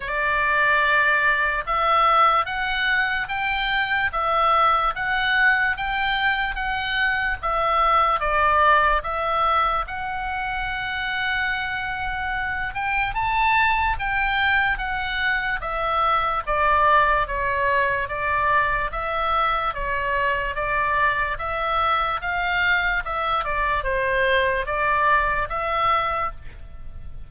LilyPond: \new Staff \with { instrumentName = "oboe" } { \time 4/4 \tempo 4 = 73 d''2 e''4 fis''4 | g''4 e''4 fis''4 g''4 | fis''4 e''4 d''4 e''4 | fis''2.~ fis''8 g''8 |
a''4 g''4 fis''4 e''4 | d''4 cis''4 d''4 e''4 | cis''4 d''4 e''4 f''4 | e''8 d''8 c''4 d''4 e''4 | }